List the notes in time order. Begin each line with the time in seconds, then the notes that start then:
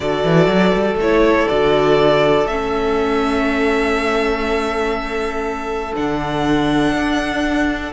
0.00 D3 F#4 A4 D5
0.24 E3
0.46 F#3
0.74 G3
0.95 A3 E4 C#5
1.48 D3 F#4 D5
2.45 A3 C#4 E5
5.94 D3 D4 F#5
6.92 D4